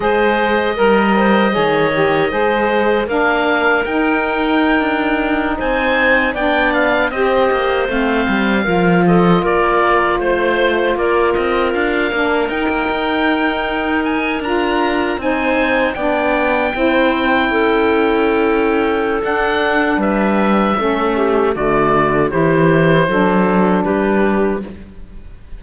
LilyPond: <<
  \new Staff \with { instrumentName = "oboe" } { \time 4/4 \tempo 4 = 78 dis''1 | f''4 g''2~ g''16 gis''8.~ | gis''16 g''8 f''8 dis''4 f''4. dis''16~ | dis''16 d''4 c''4 d''8 dis''8 f''8.~ |
f''16 g''2 gis''8 ais''4 gis''16~ | gis''8. g''2.~ g''16~ | g''4 fis''4 e''2 | d''4 c''2 b'4 | }
  \new Staff \with { instrumentName = "clarinet" } { \time 4/4 c''4 ais'8 c''8 cis''4 c''4 | ais'2.~ ais'16 c''8.~ | c''16 d''4 c''2 ais'8 a'16~ | a'16 ais'4 c''4 ais'4.~ ais'16~ |
ais'2.~ ais'8. c''16~ | c''8. d''4 c''4 a'4~ a'16~ | a'2 b'4 a'8 g'8 | fis'4 g'4 a'4 g'4 | }
  \new Staff \with { instrumentName = "saxophone" } { \time 4/4 gis'4 ais'4 gis'8 g'8 gis'4 | d'4 dis'2.~ | dis'16 d'4 g'4 c'4 f'8.~ | f'2.~ f'8. d'16~ |
d'16 dis'2~ dis'8 f'4 dis'16~ | dis'8. d'4 e'2~ e'16~ | e'4 d'2 cis'4 | a4 e'4 d'2 | }
  \new Staff \with { instrumentName = "cello" } { \time 4/4 gis4 g4 dis4 gis4 | ais4 dis'4~ dis'16 d'4 c'8.~ | c'16 b4 c'8 ais8 a8 g8 f8.~ | f16 ais4 a4 ais8 c'8 d'8 ais16~ |
ais16 dis'16 ais16 dis'2 d'4 c'16~ | c'8. b4 c'4 cis'4~ cis'16~ | cis'4 d'4 g4 a4 | d4 e4 fis4 g4 | }
>>